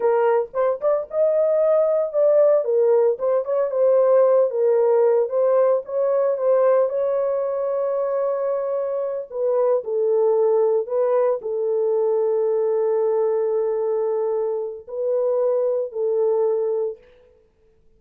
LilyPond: \new Staff \with { instrumentName = "horn" } { \time 4/4 \tempo 4 = 113 ais'4 c''8 d''8 dis''2 | d''4 ais'4 c''8 cis''8 c''4~ | c''8 ais'4. c''4 cis''4 | c''4 cis''2.~ |
cis''4. b'4 a'4.~ | a'8 b'4 a'2~ a'8~ | a'1 | b'2 a'2 | }